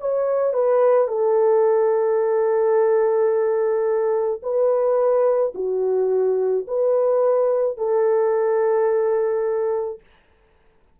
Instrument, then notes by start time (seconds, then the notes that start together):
horn
0.00 C#5
0.54 B4
1.08 A4
4.42 B4
5.55 F#4
6.67 B4
7.77 A4